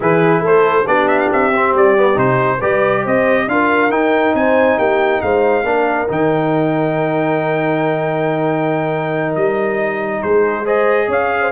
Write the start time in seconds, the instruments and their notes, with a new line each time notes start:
0.00 tuba E3, trombone E4, horn G#4, trumpet B4
0.41 tuba A3, horn A4, trumpet C5
0.87 tuba B3, trombone D4, horn G4, trumpet D5
1.08 trumpet E5
1.18 trumpet F5
1.32 tuba C4, trumpet E5
1.55 trombone C4
1.73 tuba G3, trumpet D5
1.97 trombone B3
2.14 tuba C3, trombone D#4, trumpet C5
2.58 tuba G3, trombone G4, horn B4, trumpet D5
3.03 tuba C4, horn C5, trumpet D#5
3.47 tuba D4, trombone F4, horn A#4, trumpet F5
3.89 tuba D#4, trombone D#4, trumpet G5
4.34 tuba C4, horn C5, trumpet G#5
4.78 tuba A#3, horn G4, trumpet G5
5.21 tuba G#3, horn C5, trumpet F5
5.63 tuba A#3, trombone D4, horn A#4
6.08 tuba D#3, trombone D#4, trumpet G5
9.35 tuba G3, trumpet D#5
10.22 tuba G#3, horn G#4, trumpet C5
10.64 trombone G#4, horn C5, trumpet D#5
11.08 tuba C#4, horn C#5, trumpet F5
11.41 horn C5